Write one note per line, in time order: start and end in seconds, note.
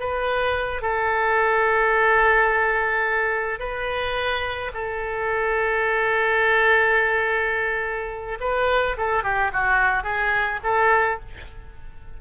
0.00 0.82 B4
0.82 3.59 A4
3.59 4.72 B4
4.74 8.38 A4
8.41 8.97 B4
8.97 9.23 A4
9.23 9.51 G4
9.53 10.04 F#4
10.04 10.60 G#4
10.64 11.20 A4